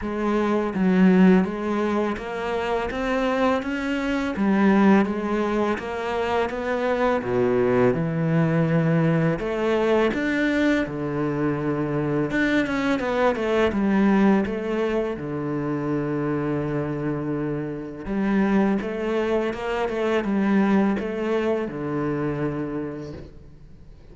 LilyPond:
\new Staff \with { instrumentName = "cello" } { \time 4/4 \tempo 4 = 83 gis4 fis4 gis4 ais4 | c'4 cis'4 g4 gis4 | ais4 b4 b,4 e4~ | e4 a4 d'4 d4~ |
d4 d'8 cis'8 b8 a8 g4 | a4 d2.~ | d4 g4 a4 ais8 a8 | g4 a4 d2 | }